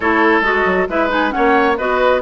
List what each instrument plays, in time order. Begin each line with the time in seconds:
0.00 bassoon A3, clarinet E4, oboe A4, flute C#5
0.41 bassoon G#3, clarinet F#4, flute D#5
0.65 bassoon F#3
0.88 bassoon G#3, clarinet E4, oboe B4, flute E5
1.09 clarinet D#4, flute G#5
1.30 clarinet C#4, oboe C#5, flute F#5
1.37 bassoon A#3
1.77 bassoon B3, clarinet F#4, oboe B4, flute D#5